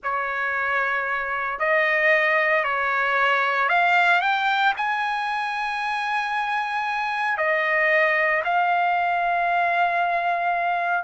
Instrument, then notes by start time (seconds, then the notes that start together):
trumpet
0.03 C#5
1.59 D#5
2.64 C#5
3.68 F5
4.21 G5
4.76 G#5
7.37 D#5
8.44 F5